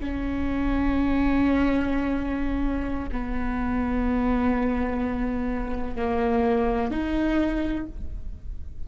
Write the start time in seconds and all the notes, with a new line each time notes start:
0.00 C#4
3.12 B3
5.96 A#3
6.91 D#4